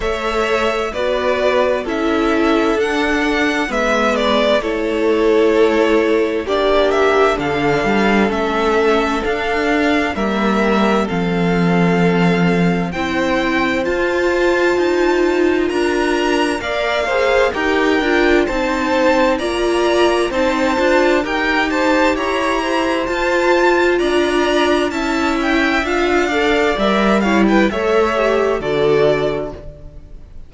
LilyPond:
<<
  \new Staff \with { instrumentName = "violin" } { \time 4/4 \tempo 4 = 65 e''4 d''4 e''4 fis''4 | e''8 d''8 cis''2 d''8 e''8 | f''4 e''4 f''4 e''4 | f''2 g''4 a''4~ |
a''4 ais''4 f''4 g''4 | a''4 ais''4 a''4 g''8 a''8 | ais''4 a''4 ais''4 a''8 g''8 | f''4 e''8 f''16 g''16 e''4 d''4 | }
  \new Staff \with { instrumentName = "violin" } { \time 4/4 cis''4 b'4 a'2 | b'4 a'2 g'4 | a'2. ais'4 | a'2 c''2~ |
c''4 ais'4 d''8 c''8 ais'4 | c''4 d''4 c''4 ais'8 c''8 | cis''8 c''4. d''4 e''4~ | e''8 d''4 cis''16 b'16 cis''4 a'4 | }
  \new Staff \with { instrumentName = "viola" } { \time 4/4 a'4 fis'4 e'4 d'4 | b4 e'2 d'4~ | d'4 cis'4 d'4 ais4 | c'2 e'4 f'4~ |
f'2 ais'8 gis'8 g'8 f'8 | dis'4 f'4 dis'8 f'8 g'4~ | g'4 f'2 e'4 | f'8 a'8 ais'8 e'8 a'8 g'8 fis'4 | }
  \new Staff \with { instrumentName = "cello" } { \time 4/4 a4 b4 cis'4 d'4 | gis4 a2 ais4 | d8 g8 a4 d'4 g4 | f2 c'4 f'4 |
dis'4 d'4 ais4 dis'8 d'8 | c'4 ais4 c'8 d'8 dis'4 | e'4 f'4 d'4 cis'4 | d'4 g4 a4 d4 | }
>>